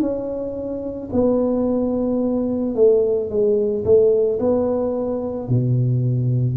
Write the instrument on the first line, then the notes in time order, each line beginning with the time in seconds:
tuba
0.00 C#4
1.13 B3
2.75 A3
3.30 G#3
3.85 A3
4.39 B3
5.48 B2